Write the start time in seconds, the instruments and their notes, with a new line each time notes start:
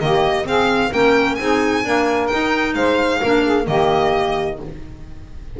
0.00 double bass D#3, clarinet A#3, saxophone G4, violin D#5
0.44 clarinet C4, double bass C4, saxophone G#4, violin F5
0.92 double bass A#3, clarinet C#4, saxophone A#4, violin G5
1.35 double bass C4, clarinet D#4, saxophone G#4, violin G#5
1.84 clarinet A#3, double bass D4, saxophone A#4
2.27 clarinet D#4, double bass D#4, violin G5
2.74 double bass G#3, saxophone C5, violin F5
3.20 double bass A#3, clarinet D4, saxophone A#4
3.44 saxophone G#4
3.65 double bass D#3, clarinet A#3, saxophone G4, violin D#5